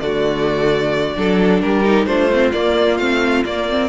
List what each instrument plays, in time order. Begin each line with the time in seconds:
0.00 cello D3, viola A3, violin F#4 D5
1.17 cello F#3, viola D4, violin A4
1.61 cello G3, violin G4 A#4
1.84 viola D#4
2.06 cello A3, viola D4, violin F4 C5
2.33 viola C4
2.52 viola A#3, cello A#3, violin D5
2.98 cello A3, viola C4, violin F5
3.45 cello A#3, viola A#3, violin D5
3.70 viola C4